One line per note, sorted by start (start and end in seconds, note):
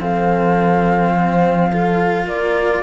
0.00 2.26 F3
0.00 1.72 C4
0.00 1.14 A4
0.00 2.28 F5
1.14 1.71 C5
1.71 2.83 F4
1.71 2.27 A4
2.26 2.83 A#3
2.26 2.83 A#4
2.26 2.83 D5